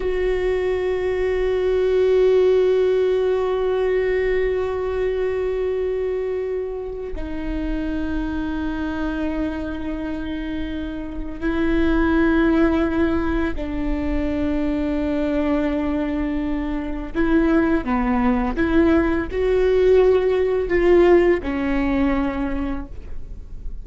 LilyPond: \new Staff \with { instrumentName = "viola" } { \time 4/4 \tempo 4 = 84 fis'1~ | fis'1~ | fis'2 dis'2~ | dis'1 |
e'2. d'4~ | d'1 | e'4 b4 e'4 fis'4~ | fis'4 f'4 cis'2 | }